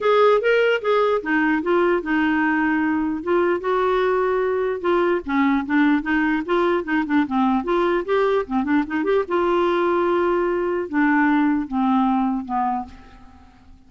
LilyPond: \new Staff \with { instrumentName = "clarinet" } { \time 4/4 \tempo 4 = 149 gis'4 ais'4 gis'4 dis'4 | f'4 dis'2. | f'4 fis'2. | f'4 cis'4 d'4 dis'4 |
f'4 dis'8 d'8 c'4 f'4 | g'4 c'8 d'8 dis'8 g'8 f'4~ | f'2. d'4~ | d'4 c'2 b4 | }